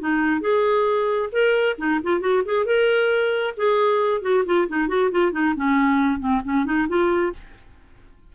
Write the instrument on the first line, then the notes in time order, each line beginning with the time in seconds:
clarinet
0.00 D#4
0.41 G#4
1.32 A#4
1.78 D#4
2.04 F4
2.21 F#4
2.45 G#4
2.66 A#4
3.58 G#4
4.22 F#4
4.46 F4
4.69 D#4
4.89 F#4
5.12 F4
5.33 D#4
5.56 C#4
6.20 C4
6.45 C#4
6.66 D#4
6.89 F4